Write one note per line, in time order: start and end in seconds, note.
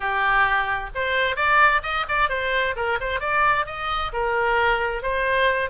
0.00 0.90 G4
0.94 1.36 C5
1.36 1.81 D5
1.82 2.05 D#5
2.08 2.29 D5
2.29 2.75 C5
2.76 2.99 A#4
3.00 3.20 C5
3.20 3.65 D5
3.66 4.11 D#5
4.12 5.02 A#4
5.02 5.70 C5